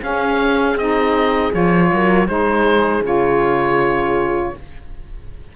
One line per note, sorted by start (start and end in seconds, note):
0.00 0.75 C#4
0.00 1.91 G#4
0.00 0.78 F5
0.75 1.50 C4
0.75 1.51 D#4
0.75 1.53 D#5
1.51 1.91 F3
1.51 2.26 F4
1.51 2.28 C#5
1.93 2.28 F#3
1.93 2.28 A#4
2.27 3.01 G#3
2.27 3.02 D#4
2.27 4.53 G#4
2.27 3.03 C5
3.01 4.51 C#3
3.01 4.53 F4
3.01 4.56 C#5